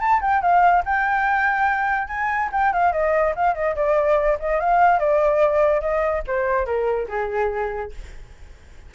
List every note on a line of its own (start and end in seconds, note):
0.00 0.21 A5
0.21 0.42 G5
0.42 0.83 F5
0.85 2.08 G5
2.08 2.49 G#5
2.52 2.73 G5
2.73 2.92 F5
2.92 3.34 D#5
3.36 3.54 F5
3.54 3.75 D#5
3.75 4.38 D5
4.40 4.60 D#5
4.60 4.99 F5
4.99 5.81 D5
5.81 6.22 D#5
6.27 6.66 C5
6.66 7.07 A#4
7.08 7.91 G#4